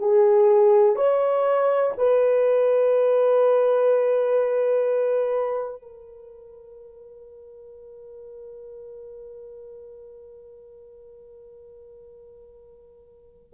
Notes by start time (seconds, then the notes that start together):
0.00 G#4
0.96 C#5
1.98 B4
5.82 A#4